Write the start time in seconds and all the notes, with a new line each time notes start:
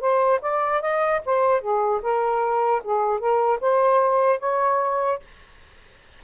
0.00 C5
0.41 D5
0.81 D#5
1.25 C5
1.61 G#4
2.02 A#4
2.83 G#4
3.19 A#4
3.60 C5
4.39 C#5